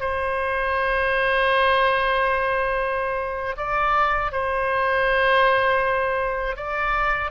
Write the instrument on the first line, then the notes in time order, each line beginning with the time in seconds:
oboe
0.00 C5
3.57 D5
4.32 C5
6.56 D5